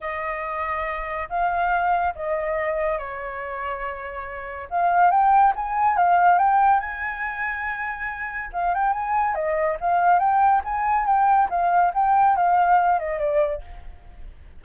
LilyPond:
\new Staff \with { instrumentName = "flute" } { \time 4/4 \tempo 4 = 141 dis''2. f''4~ | f''4 dis''2 cis''4~ | cis''2. f''4 | g''4 gis''4 f''4 g''4 |
gis''1 | f''8 g''8 gis''4 dis''4 f''4 | g''4 gis''4 g''4 f''4 | g''4 f''4. dis''8 d''4 | }